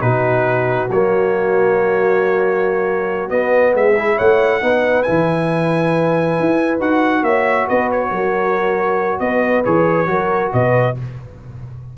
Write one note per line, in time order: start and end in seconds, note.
0.00 0.89 B2
0.00 0.88 D#4
0.00 3.74 F#4
0.00 0.89 B4
0.90 3.30 F#3
0.90 3.29 A#3
0.90 3.30 C#5
3.29 3.95 B3
3.29 3.74 B3
3.29 3.74 D#5
3.74 4.18 G#3
3.74 4.16 G#4
3.74 4.18 E5
3.97 4.61 E4
4.16 4.61 A3
4.16 4.60 C#5
4.16 5.02 F#5
4.61 5.05 B3
4.61 5.05 D#4
4.61 7.25 B4
5.02 6.39 E3
5.02 6.80 E4
5.02 6.77 G#5
6.39 6.80 E4
6.80 7.22 D#4
6.80 9.64 F#4
6.80 7.23 F#5
7.22 7.66 A#3
7.22 7.68 C#5
7.22 7.67 E5
7.68 8.11 B3
7.68 8.10 B4
7.68 7.90 D#5
7.91 9.19 C#5
8.10 9.20 F#3
8.10 9.19 A#4
9.19 9.64 B3
9.19 10.10 B4
9.19 9.63 D#5
9.64 10.07 E3
9.64 10.06 G#4
9.64 10.52 C#5
10.06 10.51 F#3
10.06 10.94 F#4
10.06 10.53 A#4
10.53 10.97 B2
10.53 10.97 B4
10.53 10.97 D#5